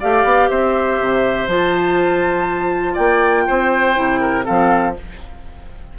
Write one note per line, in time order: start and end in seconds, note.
0.00 0.24 A3
0.00 1.49 G4
0.00 0.50 D5
0.00 0.49 F5
0.24 0.49 B3
0.49 1.00 C4
0.49 2.93 C5
0.49 1.48 E5
1.00 1.47 C3
1.47 2.96 F3
1.47 3.95 F4
1.47 2.96 A5
2.93 3.48 A#3
2.93 3.43 D5
2.93 4.45 G5
3.47 3.98 C4
3.47 4.20 C5
3.95 4.47 C3
3.95 4.44 E4
4.20 4.45 A#4
4.44 4.99 F3
4.44 4.94 C4
4.44 4.94 A4
4.44 4.95 F5